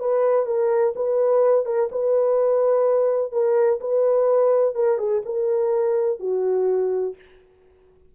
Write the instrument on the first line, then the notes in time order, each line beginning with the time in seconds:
horn
0.00 B4
0.46 A#4
0.96 B4
1.66 A#4
1.92 B4
3.32 A#4
3.81 B4
4.75 A#4
4.98 G#4
5.26 A#4
6.20 F#4